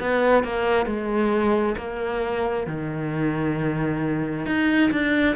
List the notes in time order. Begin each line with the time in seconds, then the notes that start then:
0.00 B3
0.44 A#3
0.86 G#3
1.77 A#3
2.67 D#3
4.46 D#4
4.91 D4